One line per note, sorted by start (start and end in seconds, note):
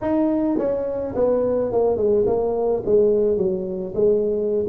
0.01 0.57 D#4
0.57 1.14 C#4
1.15 1.71 B3
1.72 1.97 A#3
1.97 2.25 G#3
2.26 2.83 A#3
2.85 3.37 G#3
3.37 3.93 F#3
3.95 4.65 G#3